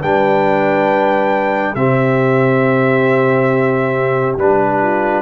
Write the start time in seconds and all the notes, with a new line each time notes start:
0.00 G3 D4 B4 G5
1.74 C3 C4 G4 E5
4.37 G3 D4 B4
4.81 F4